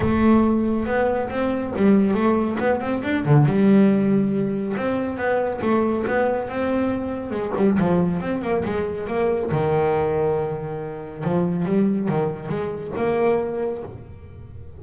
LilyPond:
\new Staff \with { instrumentName = "double bass" } { \time 4/4 \tempo 4 = 139 a2 b4 c'4 | g4 a4 b8 c'8 d'8 d8 | g2. c'4 | b4 a4 b4 c'4~ |
c'4 gis8 g8 f4 c'8 ais8 | gis4 ais4 dis2~ | dis2 f4 g4 | dis4 gis4 ais2 | }